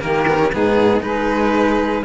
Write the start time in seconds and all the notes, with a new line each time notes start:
0.00 D#3 A#3 G4 A#4
0.27 B3
0.39 C#4
0.52 G#2 B3 D#4 G#4
1.01 G#3 D#4 G#4 B4